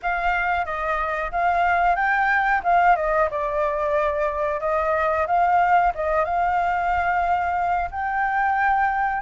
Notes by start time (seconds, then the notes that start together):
0.02 F5
0.65 D#5
1.31 F5
1.95 G5
2.63 F5
2.96 D#5
3.30 D5
4.60 D#5
5.27 F5
5.94 D#5
6.25 F5
7.90 G5